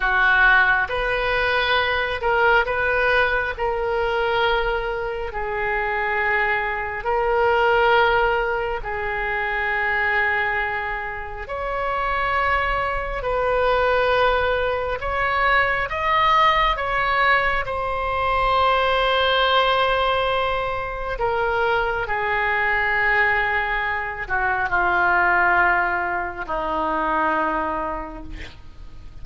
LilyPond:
\new Staff \with { instrumentName = "oboe" } { \time 4/4 \tempo 4 = 68 fis'4 b'4. ais'8 b'4 | ais'2 gis'2 | ais'2 gis'2~ | gis'4 cis''2 b'4~ |
b'4 cis''4 dis''4 cis''4 | c''1 | ais'4 gis'2~ gis'8 fis'8 | f'2 dis'2 | }